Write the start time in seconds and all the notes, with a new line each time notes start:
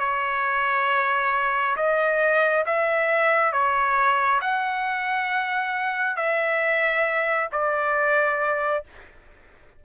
0.00 C#5
1.77 D#5
2.66 E5
3.53 C#5
4.42 F#5
6.17 E5
7.52 D5